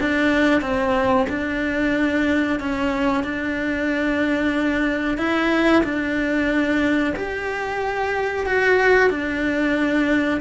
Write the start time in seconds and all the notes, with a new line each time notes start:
0.00 D4
0.61 C4
1.29 D4
2.59 C#4
3.23 D4
5.17 E4
5.83 D4
7.16 G4
8.46 F#4
9.10 D4